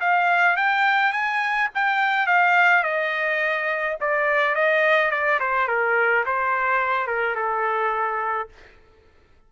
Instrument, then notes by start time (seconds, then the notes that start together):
trumpet
0.00 F5
0.57 G5
1.12 G#5
1.75 G5
2.26 F5
2.83 D#5
4.00 D5
4.55 D#5
5.11 D5
5.40 C5
5.68 A#4
6.26 C5
7.07 A#4
7.35 A4